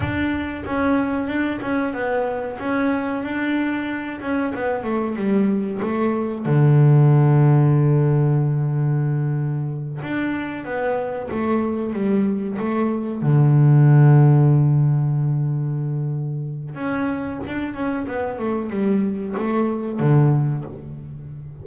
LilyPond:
\new Staff \with { instrumentName = "double bass" } { \time 4/4 \tempo 4 = 93 d'4 cis'4 d'8 cis'8 b4 | cis'4 d'4. cis'8 b8 a8 | g4 a4 d2~ | d2.~ d8 d'8~ |
d'8 b4 a4 g4 a8~ | a8 d2.~ d8~ | d2 cis'4 d'8 cis'8 | b8 a8 g4 a4 d4 | }